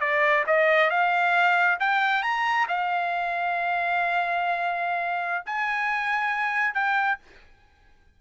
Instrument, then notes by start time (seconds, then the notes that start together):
trumpet
0.00 D5
0.46 D#5
0.90 F5
1.79 G5
2.22 A#5
2.68 F5
5.45 G#5
6.74 G5